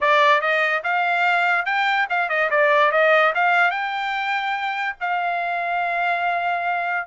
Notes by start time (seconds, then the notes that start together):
0.01 D5
0.41 D#5
0.83 F5
1.65 G5
2.09 F5
2.29 D#5
2.50 D5
2.91 D#5
3.34 F5
3.70 G5
5.00 F5